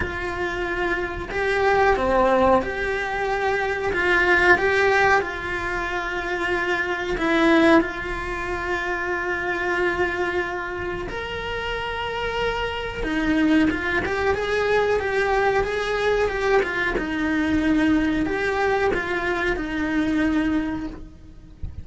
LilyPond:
\new Staff \with { instrumentName = "cello" } { \time 4/4 \tempo 4 = 92 f'2 g'4 c'4 | g'2 f'4 g'4 | f'2. e'4 | f'1~ |
f'4 ais'2. | dis'4 f'8 g'8 gis'4 g'4 | gis'4 g'8 f'8 dis'2 | g'4 f'4 dis'2 | }